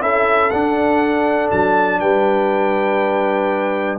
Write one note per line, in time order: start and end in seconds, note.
0.00 0.50 C#4
0.00 0.50 E4
0.00 2.00 A4
0.00 0.50 E5
0.50 1.51 D4
0.50 3.98 D4
0.50 1.49 F#5
1.50 2.01 F#3
1.50 1.99 A5
1.99 3.98 G3
1.99 3.98 B4
1.99 3.98 G5